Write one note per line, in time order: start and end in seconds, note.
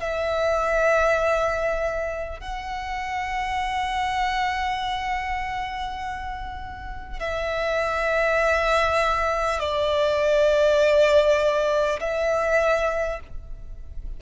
0.00 2.39 E5
2.39 7.19 F#5
7.19 9.59 E5
9.59 11.99 D5
12.00 13.20 E5